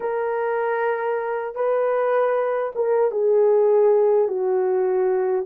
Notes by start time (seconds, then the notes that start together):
0.00 A#4
1.55 B4
2.75 A#4
3.11 G#4
4.28 F#4